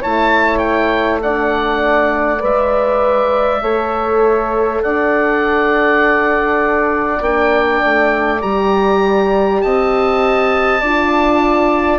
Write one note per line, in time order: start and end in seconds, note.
0.00 2.43 A3
0.00 1.21 E4
0.00 1.20 C#5
0.00 0.58 A5
0.58 1.18 G5
1.22 2.39 D4
1.22 3.62 D5
1.22 2.42 F#5
2.39 3.61 G#3
2.39 3.58 B4
2.39 4.82 E5
3.61 4.81 A3
3.61 7.22 A4
3.61 4.82 C#5
4.82 7.21 D4
4.82 9.63 D5
4.82 7.22 F#5
7.21 7.81 A#3
7.21 8.40 D4
7.21 8.41 G5
7.84 8.42 A3
8.40 9.62 G3
8.40 10.80 G4
8.40 9.61 A#5
9.61 10.81 C4
9.61 10.80 D#5
9.61 11.98 A5
10.80 11.98 D4
10.80 11.98 F4
10.80 11.98 D5